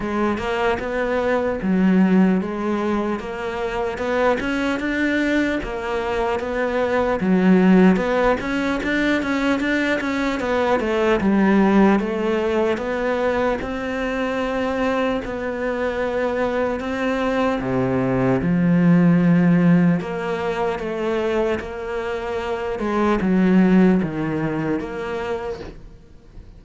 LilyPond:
\new Staff \with { instrumentName = "cello" } { \time 4/4 \tempo 4 = 75 gis8 ais8 b4 fis4 gis4 | ais4 b8 cis'8 d'4 ais4 | b4 fis4 b8 cis'8 d'8 cis'8 | d'8 cis'8 b8 a8 g4 a4 |
b4 c'2 b4~ | b4 c'4 c4 f4~ | f4 ais4 a4 ais4~ | ais8 gis8 fis4 dis4 ais4 | }